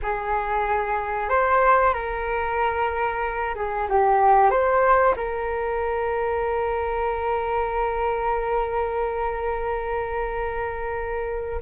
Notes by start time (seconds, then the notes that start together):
0.02 G#4
1.29 C5
1.93 A#4
3.55 G#4
3.89 G4
4.50 C5
5.16 A#4